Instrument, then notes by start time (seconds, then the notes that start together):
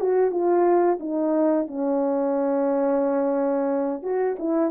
horn
0.00 F#4
0.31 F4
1.00 D#4
1.67 C#4
4.02 F#4
4.39 E4